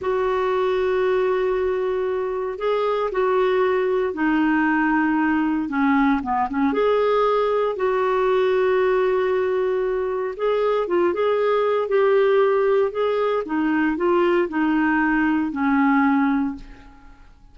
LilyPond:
\new Staff \with { instrumentName = "clarinet" } { \time 4/4 \tempo 4 = 116 fis'1~ | fis'4 gis'4 fis'2 | dis'2. cis'4 | b8 cis'8 gis'2 fis'4~ |
fis'1 | gis'4 f'8 gis'4. g'4~ | g'4 gis'4 dis'4 f'4 | dis'2 cis'2 | }